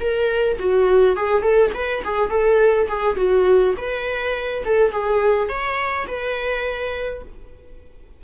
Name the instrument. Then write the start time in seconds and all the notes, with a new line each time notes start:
viola
0.00 A#4
0.58 F#4
1.16 G#4
1.42 A4
1.74 B4
2.04 G#4
2.29 A4
2.88 G#4
3.16 F#4
3.77 B4
4.64 A4
4.91 G#4
5.48 C#5
6.07 B4